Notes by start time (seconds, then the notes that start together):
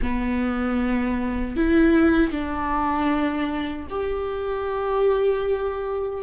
0.01 B3
1.56 E4
2.31 D4
3.89 G4